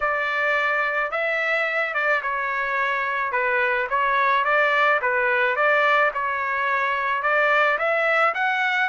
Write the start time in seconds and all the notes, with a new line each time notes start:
0.00 D5
1.11 E5
1.93 D5
2.22 C#5
3.32 B4
3.89 C#5
4.44 D5
5.02 B4
5.56 D5
6.14 C#5
7.22 D5
7.78 E5
8.34 F#5